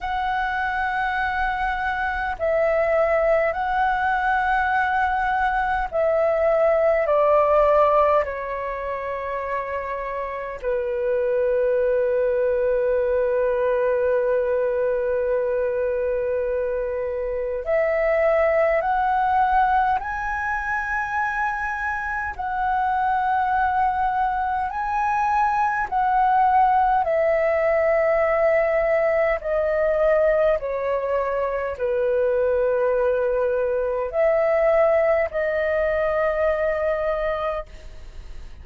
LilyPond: \new Staff \with { instrumentName = "flute" } { \time 4/4 \tempo 4 = 51 fis''2 e''4 fis''4~ | fis''4 e''4 d''4 cis''4~ | cis''4 b'2.~ | b'2. e''4 |
fis''4 gis''2 fis''4~ | fis''4 gis''4 fis''4 e''4~ | e''4 dis''4 cis''4 b'4~ | b'4 e''4 dis''2 | }